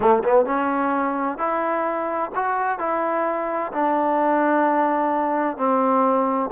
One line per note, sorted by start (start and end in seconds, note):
0.00 0.23 A3
0.23 0.45 B3
0.45 1.37 C#4
1.37 2.30 E4
2.35 2.78 F#4
2.78 3.71 E4
3.72 5.57 D4
5.57 6.50 C4